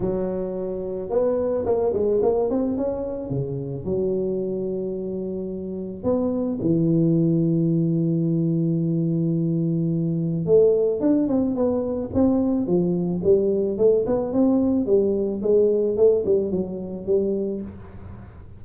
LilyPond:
\new Staff \with { instrumentName = "tuba" } { \time 4/4 \tempo 4 = 109 fis2 b4 ais8 gis8 | ais8 c'8 cis'4 cis4 fis4~ | fis2. b4 | e1~ |
e2. a4 | d'8 c'8 b4 c'4 f4 | g4 a8 b8 c'4 g4 | gis4 a8 g8 fis4 g4 | }